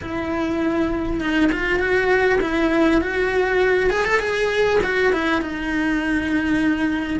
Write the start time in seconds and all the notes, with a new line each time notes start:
0.01 E4
1.20 D#4
1.52 F4
1.79 F#4
2.41 E4
3.01 F#4
3.89 G#4
4.04 A4
4.19 G#4
4.83 F#4
5.12 E4
5.41 D#4